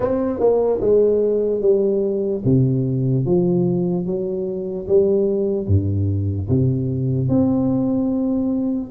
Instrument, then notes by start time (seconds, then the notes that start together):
tuba
0.00 C4
0.39 A#3
0.81 G#3
1.61 G3
2.44 C3
3.25 F3
4.06 F#3
4.87 G3
5.67 G2
6.48 C3
7.28 C4